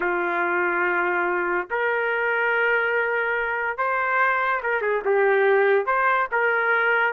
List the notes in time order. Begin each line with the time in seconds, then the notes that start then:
0.00 F4
1.70 A#4
3.77 C5
4.62 A#4
4.81 G#4
5.04 G4
5.86 C5
6.31 A#4